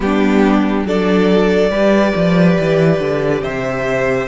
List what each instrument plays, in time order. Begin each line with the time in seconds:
0.00 cello G3, viola B3, violin D4 G4
0.84 cello F#3, viola D4, violin A4 D5
1.69 cello G3, viola G4, violin B4
2.15 cello F3
2.59 cello E3
2.99 cello D3
3.41 cello C3, violin C5 E5